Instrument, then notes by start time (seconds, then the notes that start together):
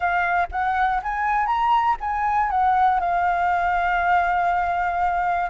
flute
0.00 F5
0.51 F#5
1.02 G#5
1.46 A#5
2.00 G#5
2.50 F#5
3.00 F5